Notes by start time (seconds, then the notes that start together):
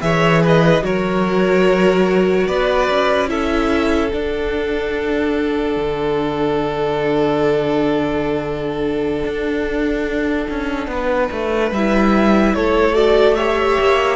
0.00 E3 G#4 C#5 E5
0.42 B4 D#5
0.82 F#3 F#4 A#4 C#5
2.47 B3 B4 D5
2.90 C#4
3.28 E4 A4 E5
4.12 D4 F#5
5.77 D3
9.24 D4
10.50 C#4
10.87 B3 B4
11.32 A3
11.71 G3 E4 E5
12.55 A3 A4 C#5
12.94 F#4 D5
13.35 G4 C#5 E5
13.80 A#3